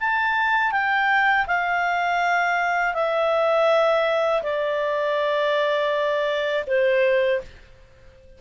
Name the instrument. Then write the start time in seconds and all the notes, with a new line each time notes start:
clarinet
0.00 A5
0.72 G5
1.47 F5
2.94 E5
4.42 D5
6.67 C5